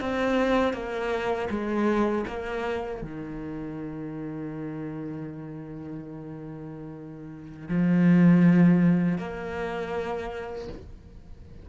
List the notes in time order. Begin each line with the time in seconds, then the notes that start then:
0.00 C4
0.73 A#3
1.50 G#3
2.27 A#3
3.01 D#3
7.68 F3
9.18 A#3